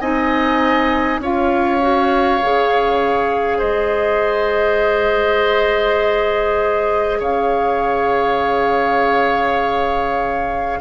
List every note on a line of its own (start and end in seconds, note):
0.00 1.19 C4
0.00 1.22 D#4
0.00 1.20 D#5
0.00 1.20 G#5
1.19 2.39 C#4
1.19 1.81 F4
1.19 3.58 C#5
1.19 3.60 F5
1.81 2.41 F#4
2.42 3.61 C#3
2.42 10.81 G#4
3.58 7.20 G#3
3.58 7.19 C5
3.58 7.20 D#5
7.20 10.80 C#3
7.20 10.79 C#5
7.20 10.81 F5